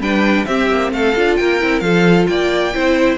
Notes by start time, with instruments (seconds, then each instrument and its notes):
0.00 cello G3, viola D4, violin B4 G5
0.46 viola C4, cello C4, violin G4 E5
0.71 cello A#3
0.92 cello A3, violin A4 F5
1.15 cello D4, viola F4
1.37 cello A#3, violin A#4 G5
1.61 cello C4, viola E4
1.80 cello F3, viola F4, violin A4 F5
2.27 cello A#3, violin D5 G5
2.74 cello C4, viola E4, violin C5